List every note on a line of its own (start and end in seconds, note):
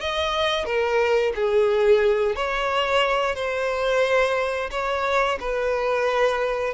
0.00 0.65 D#5
0.65 1.32 A#4
1.35 2.35 G#4
2.35 3.35 C#5
3.35 4.69 C5
4.71 5.38 C#5
5.40 6.74 B4